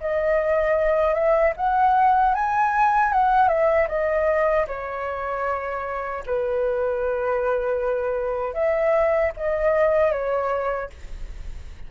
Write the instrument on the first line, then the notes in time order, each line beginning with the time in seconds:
flute
0.00 D#5
1.14 E5
1.56 F#5
2.34 G#5
3.12 F#5
3.48 E5
3.88 D#5
4.67 C#5
6.26 B4
8.54 E5
9.36 D#5
10.12 C#5